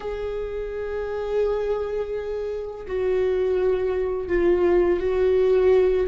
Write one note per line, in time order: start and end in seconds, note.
0.00 2.86 G#4
2.86 4.28 F#4
4.28 5.00 F4
5.00 6.07 F#4